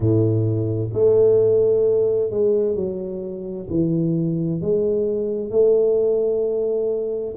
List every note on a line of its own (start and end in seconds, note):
0.00 0.90 A2
0.93 2.30 A3
2.30 2.75 G#3
2.75 3.67 F#3
3.69 4.61 E3
4.61 5.50 G#3
5.50 7.35 A3